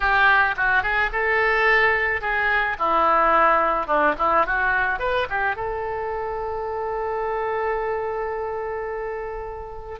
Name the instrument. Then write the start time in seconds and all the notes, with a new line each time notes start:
oboe
0.00 G4
0.56 F#4
0.82 G#4
1.12 A4
2.21 G#4
2.79 E4
3.86 D4
4.18 E4
4.46 F#4
4.99 B4
5.29 G4
5.56 A4